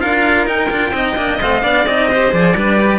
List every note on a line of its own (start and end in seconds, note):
0.00 0.47 D4
0.00 0.46 F4
0.00 0.93 A#4
0.00 0.47 F5
0.46 0.69 D#4
0.46 0.70 D#4
0.46 1.40 G5
0.70 0.91 D4
0.70 0.93 F4
0.91 1.14 C4
0.91 1.17 D#4
0.91 1.63 D#5
1.16 1.39 A#3
1.16 1.40 D4
1.41 1.63 A3
1.41 1.62 C4
1.41 1.86 F5
1.62 1.86 B3
1.62 1.85 D4
1.62 2.09 D5
1.86 2.32 C4
1.86 2.12 D#4
1.86 2.32 D#5
2.09 2.31 G4
2.09 2.55 C5
2.31 2.55 F3
2.31 2.54 G#4
2.31 2.99 D5
2.55 2.99 G3
2.55 2.80 D4
2.55 2.99 B4
2.80 2.99 G4